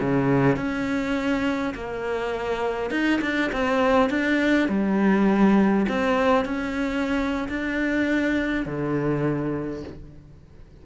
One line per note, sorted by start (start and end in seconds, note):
0.00 0.56 C#3
0.56 1.74 C#4
1.75 2.91 A#3
2.91 3.20 D#4
3.21 3.51 D4
3.52 4.10 C4
4.10 4.68 D4
4.68 5.86 G3
5.89 6.45 C4
6.45 7.48 C#4
7.48 8.66 D4
8.66 9.83 D3